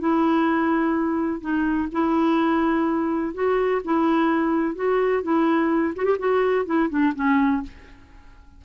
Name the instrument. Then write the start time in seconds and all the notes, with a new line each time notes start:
clarinet
0.00 E4
1.41 D#4
1.92 E4
3.34 F#4
3.85 E4
4.75 F#4
5.23 E4
5.96 F#4
6.05 G4
6.19 F#4
6.66 E4
6.90 D4
7.15 C#4